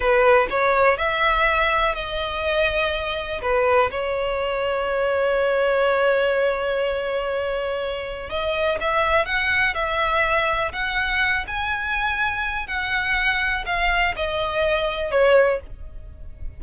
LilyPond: \new Staff \with { instrumentName = "violin" } { \time 4/4 \tempo 4 = 123 b'4 cis''4 e''2 | dis''2. b'4 | cis''1~ | cis''1~ |
cis''4 dis''4 e''4 fis''4 | e''2 fis''4. gis''8~ | gis''2 fis''2 | f''4 dis''2 cis''4 | }